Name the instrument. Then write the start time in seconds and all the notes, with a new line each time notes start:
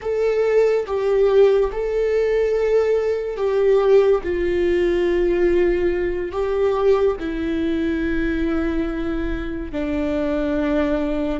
viola
0.01 A4
0.86 G4
1.71 A4
3.36 G4
4.23 F4
6.31 G4
7.19 E4
9.72 D4